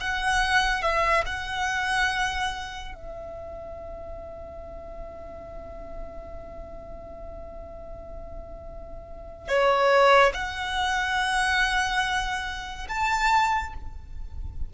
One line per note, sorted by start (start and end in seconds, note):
0.00 0.82 F#5
0.82 1.24 E5
1.25 2.94 F#5
2.94 9.48 E5
9.48 10.32 C#5
10.33 12.87 F#5
12.88 13.73 A5